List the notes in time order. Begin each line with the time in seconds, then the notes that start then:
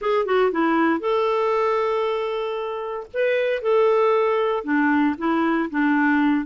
0.01 G#4
0.25 F#4
0.51 E4
1.00 A4
3.13 B4
3.62 A4
4.63 D4
5.18 E4
5.70 D4